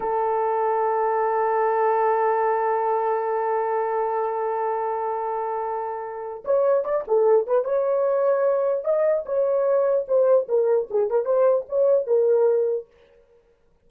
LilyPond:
\new Staff \with { instrumentName = "horn" } { \time 4/4 \tempo 4 = 149 a'1~ | a'1~ | a'1~ | a'1 |
cis''4 d''8 a'4 b'8 cis''4~ | cis''2 dis''4 cis''4~ | cis''4 c''4 ais'4 gis'8 ais'8 | c''4 cis''4 ais'2 | }